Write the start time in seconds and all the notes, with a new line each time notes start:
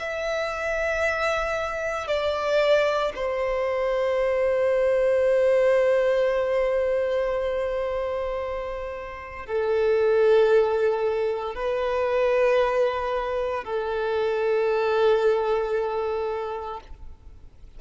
0.00 E5
2.08 D5
3.16 C5
9.46 A4
11.56 B4
13.65 A4